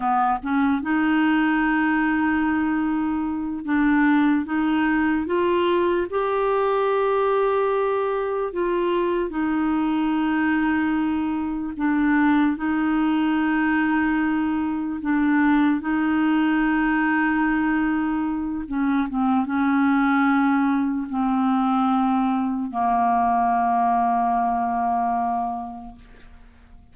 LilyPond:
\new Staff \with { instrumentName = "clarinet" } { \time 4/4 \tempo 4 = 74 b8 cis'8 dis'2.~ | dis'8 d'4 dis'4 f'4 g'8~ | g'2~ g'8 f'4 dis'8~ | dis'2~ dis'8 d'4 dis'8~ |
dis'2~ dis'8 d'4 dis'8~ | dis'2. cis'8 c'8 | cis'2 c'2 | ais1 | }